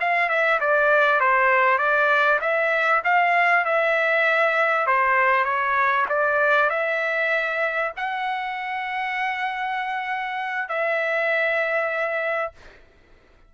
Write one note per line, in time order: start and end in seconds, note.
0.00 0.29 F5
0.29 0.60 E5
0.60 1.20 D5
1.20 1.78 C5
1.78 2.39 D5
2.41 3.02 E5
3.04 3.65 F5
3.65 4.87 E5
4.87 5.44 C5
5.44 6.06 C#5
6.09 6.70 D5
6.70 7.92 E5
7.97 10.69 F#5
10.69 12.52 E5